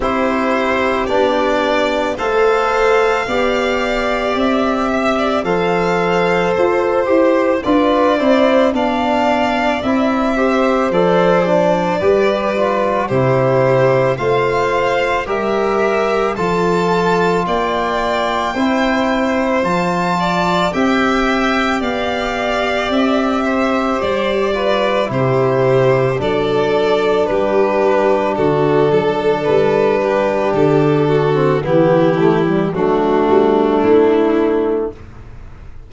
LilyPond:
<<
  \new Staff \with { instrumentName = "violin" } { \time 4/4 \tempo 4 = 55 c''4 d''4 f''2 | e''4 f''4 c''4 d''4 | f''4 e''4 d''2 | c''4 f''4 e''4 a''4 |
g''2 a''4 g''4 | f''4 e''4 d''4 c''4 | d''4 b'4 a'4 b'4 | a'4 g'4 fis'4 e'4 | }
  \new Staff \with { instrumentName = "violin" } { \time 4/4 g'2 c''4 d''4~ | d''8 e''16 d''16 c''2 b'8 c''8 | d''4. c''4. b'4 | g'4 c''4 ais'4 a'4 |
d''4 c''4. d''8 e''4 | d''4. c''4 b'8 g'4 | a'4 g'4 fis'8 a'4 g'8~ | g'8 fis'8 e'4 d'2 | }
  \new Staff \with { instrumentName = "trombone" } { \time 4/4 e'4 d'4 a'4 g'4~ | g'4 a'4. g'8 f'8 e'8 | d'4 e'8 g'8 a'8 d'8 g'8 f'8 | e'4 f'4 g'4 f'4~ |
f'4 e'4 f'4 g'4~ | g'2~ g'8 f'8 e'4 | d'1~ | d'8. c'16 b8 a16 g16 a2 | }
  \new Staff \with { instrumentName = "tuba" } { \time 4/4 c'4 b4 a4 b4 | c'4 f4 f'8 e'8 d'8 c'8 | b4 c'4 f4 g4 | c4 a4 g4 f4 |
ais4 c'4 f4 c'4 | b4 c'4 g4 c4 | fis4 g4 d8 fis8 g4 | d4 e4 fis8 g8 a4 | }
>>